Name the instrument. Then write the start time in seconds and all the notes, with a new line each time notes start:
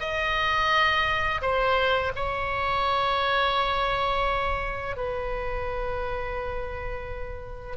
oboe
0.00 D#5
1.41 C5
2.16 C#5
4.96 B4